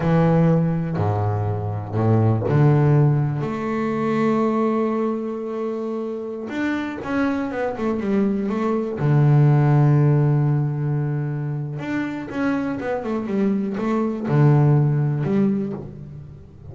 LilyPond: \new Staff \with { instrumentName = "double bass" } { \time 4/4 \tempo 4 = 122 e2 gis,2 | a,4 d2 a4~ | a1~ | a4~ a16 d'4 cis'4 b8 a16~ |
a16 g4 a4 d4.~ d16~ | d1 | d'4 cis'4 b8 a8 g4 | a4 d2 g4 | }